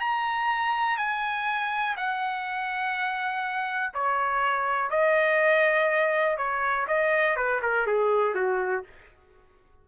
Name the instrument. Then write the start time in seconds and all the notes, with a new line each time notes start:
trumpet
0.00 A#5
0.97 G#5
1.96 F#5
3.94 C#5
4.90 D#5
6.37 C#5
6.87 D#5
7.36 B4
7.62 A#4
7.87 G#4
8.35 F#4